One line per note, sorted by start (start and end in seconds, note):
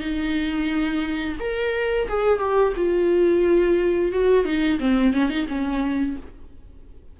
0.00 1.36 D#4
1.39 2.08 A#4
2.08 2.39 G#4
2.39 2.73 G4
2.76 4.12 F4
4.12 4.45 F#4
4.45 4.79 D#4
4.79 5.13 C4
5.13 5.29 C#4
5.29 5.46 D#4
5.48 6.16 C#4